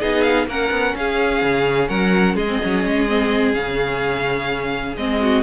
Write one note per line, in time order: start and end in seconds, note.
0.00 0.47 B3
0.00 0.48 D#4
0.00 0.47 G#4
0.00 0.22 D#5
0.22 0.46 F5
0.47 0.70 A#3
0.47 2.48 C#4
0.47 0.95 A#4
0.47 0.97 F#5
0.71 0.94 B3
0.95 1.42 C#4
0.95 1.89 G#4
0.95 1.89 F5
1.42 1.89 C#3
1.89 2.35 F#3
1.89 2.35 A#4
1.89 2.36 F#5
2.35 2.59 G#3
2.35 5.19 G#4
2.35 3.54 D#5
2.48 2.60 C4
2.62 2.85 F#3
2.62 3.09 C#4
2.85 3.56 G#3
3.09 3.54 C4
3.54 4.96 C#3
3.54 4.96 C#4
3.54 4.96 F5
4.96 5.43 G#3
4.96 5.44 C4
4.96 5.44 D#5
5.21 5.44 F#4